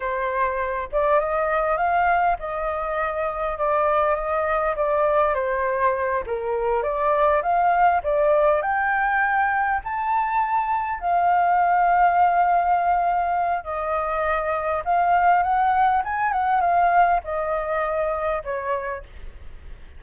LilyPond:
\new Staff \with { instrumentName = "flute" } { \time 4/4 \tempo 4 = 101 c''4. d''8 dis''4 f''4 | dis''2 d''4 dis''4 | d''4 c''4. ais'4 d''8~ | d''8 f''4 d''4 g''4.~ |
g''8 a''2 f''4.~ | f''2. dis''4~ | dis''4 f''4 fis''4 gis''8 fis''8 | f''4 dis''2 cis''4 | }